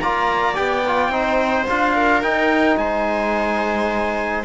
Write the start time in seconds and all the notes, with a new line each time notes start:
0.00 A#3 F4 D5 A#5
0.55 B3 G4 G5
0.87 F4
1.09 C4 D#4 C5
1.68 D4 F4 F5
1.95 A#4
2.23 D#4 G5
2.77 G#3 C5 G#5